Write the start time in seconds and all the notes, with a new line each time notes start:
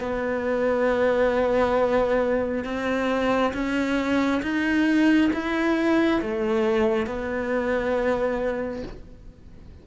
0.00 B3
2.64 C4
3.53 C#4
4.42 D#4
5.33 E4
6.22 A3
7.06 B3